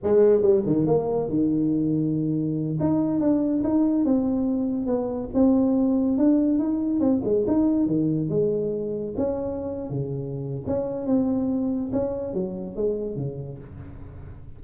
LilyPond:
\new Staff \with { instrumentName = "tuba" } { \time 4/4 \tempo 4 = 141 gis4 g8 dis8 ais4 dis4~ | dis2~ dis8 dis'4 d'8~ | d'8 dis'4 c'2 b8~ | b8 c'2 d'4 dis'8~ |
dis'8 c'8 gis8 dis'4 dis4 gis8~ | gis4. cis'4.~ cis'16 cis8.~ | cis4 cis'4 c'2 | cis'4 fis4 gis4 cis4 | }